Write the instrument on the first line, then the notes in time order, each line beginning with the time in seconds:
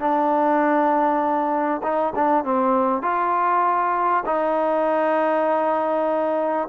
trombone
0.00 D4
1.83 D#4
2.16 D4
2.44 C4
3.03 F4
4.26 D#4